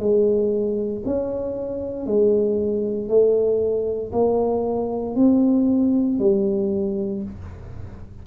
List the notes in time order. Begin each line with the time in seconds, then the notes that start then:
0.00 G#3
1.06 C#4
2.07 G#3
3.09 A3
4.13 A#3
5.16 C4
6.19 G3